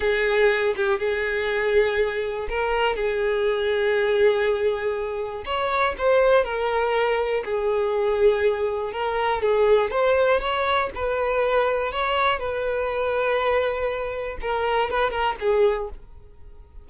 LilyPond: \new Staff \with { instrumentName = "violin" } { \time 4/4 \tempo 4 = 121 gis'4. g'8 gis'2~ | gis'4 ais'4 gis'2~ | gis'2. cis''4 | c''4 ais'2 gis'4~ |
gis'2 ais'4 gis'4 | c''4 cis''4 b'2 | cis''4 b'2.~ | b'4 ais'4 b'8 ais'8 gis'4 | }